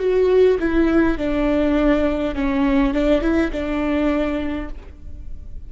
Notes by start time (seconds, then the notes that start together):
0.00 F#4
0.60 E4
1.18 D4
2.35 C#4
2.94 D4
3.22 E4
3.52 D4